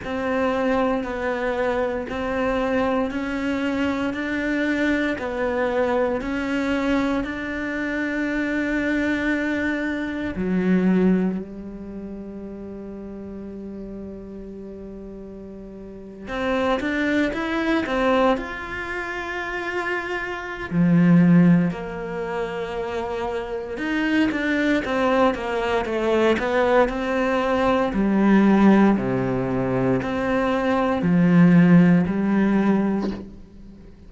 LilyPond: \new Staff \with { instrumentName = "cello" } { \time 4/4 \tempo 4 = 58 c'4 b4 c'4 cis'4 | d'4 b4 cis'4 d'4~ | d'2 fis4 g4~ | g2.~ g8. c'16~ |
c'16 d'8 e'8 c'8 f'2~ f'16 | f4 ais2 dis'8 d'8 | c'8 ais8 a8 b8 c'4 g4 | c4 c'4 f4 g4 | }